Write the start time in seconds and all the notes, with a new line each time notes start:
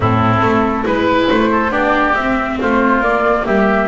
0.00 A2 C4 E4 A4
0.40 A3
0.83 G#3 E4 B4
1.29 A3 C5
1.51 A4
1.70 B3 D4 G4 D5
2.15 C4 E5
2.60 A3 F4 C5
3.00 A#3 D5
3.45 G3 G4 E5